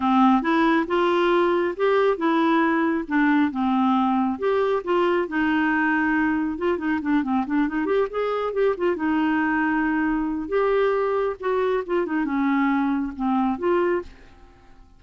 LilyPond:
\new Staff \with { instrumentName = "clarinet" } { \time 4/4 \tempo 4 = 137 c'4 e'4 f'2 | g'4 e'2 d'4 | c'2 g'4 f'4 | dis'2. f'8 dis'8 |
d'8 c'8 d'8 dis'8 g'8 gis'4 g'8 | f'8 dis'2.~ dis'8 | g'2 fis'4 f'8 dis'8 | cis'2 c'4 f'4 | }